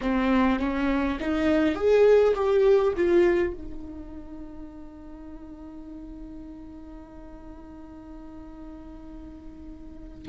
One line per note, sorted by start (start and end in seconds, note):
0.01 0.59 C4
0.59 1.18 C#4
1.20 1.75 D#4
1.75 2.34 G#4
2.34 2.93 G4
2.96 3.53 F4
3.53 10.28 D#4